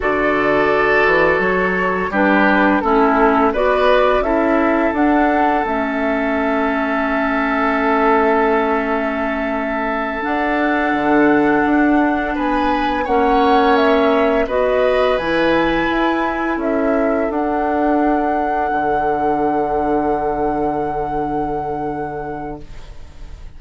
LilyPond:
<<
  \new Staff \with { instrumentName = "flute" } { \time 4/4 \tempo 4 = 85 d''2 cis''4 b'4 | a'4 d''4 e''4 fis''4 | e''1~ | e''2~ e''8 fis''4.~ |
fis''4. gis''4 fis''4 e''8~ | e''8 dis''4 gis''2 e''8~ | e''8 fis''2.~ fis''8~ | fis''1 | }
  \new Staff \with { instrumentName = "oboe" } { \time 4/4 a'2. g'4 | e'4 b'4 a'2~ | a'1~ | a'1~ |
a'4. b'4 cis''4.~ | cis''8 b'2. a'8~ | a'1~ | a'1 | }
  \new Staff \with { instrumentName = "clarinet" } { \time 4/4 fis'2. d'4 | cis'4 fis'4 e'4 d'4 | cis'1~ | cis'2~ cis'8 d'4.~ |
d'2~ d'8 cis'4.~ | cis'8 fis'4 e'2~ e'8~ | e'8 d'2.~ d'8~ | d'1 | }
  \new Staff \with { instrumentName = "bassoon" } { \time 4/4 d4. e8 fis4 g4 | a4 b4 cis'4 d'4 | a1~ | a2~ a8 d'4 d8~ |
d8 d'4 b4 ais4.~ | ais8 b4 e4 e'4 cis'8~ | cis'8 d'2 d4.~ | d1 | }
>>